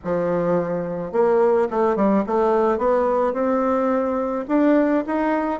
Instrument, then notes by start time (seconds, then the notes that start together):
bassoon
0.04 F3
1.12 A#3
1.70 A3
1.95 G3
2.26 A3
2.78 B3
3.33 C4
4.48 D4
5.06 D#4